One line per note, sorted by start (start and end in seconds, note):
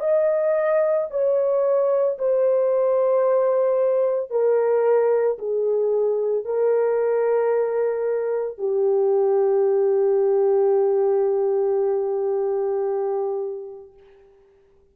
0.00 1.07 D#5
1.11 2.18 C#5
2.19 4.31 C5
4.31 5.38 A#4
5.39 6.45 G#4
6.45 8.58 A#4
8.58 13.94 G4